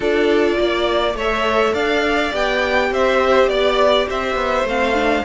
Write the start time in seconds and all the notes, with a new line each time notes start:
0.00 D4 F4 A4 D5
0.58 A#3 D5
1.14 A3 A4 C#5 E5
1.73 D4 D5 F5
2.31 B3 G4 G5
2.90 C4 C5 E5
3.48 B3 D5
4.08 C4 C5 E5
4.35 B3
4.64 A3 C4 F5
4.94 D4